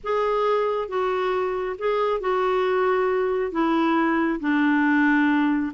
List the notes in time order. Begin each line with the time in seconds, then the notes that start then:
0.03 G#4
0.88 F#4
1.78 G#4
2.20 F#4
3.51 E4
4.40 D4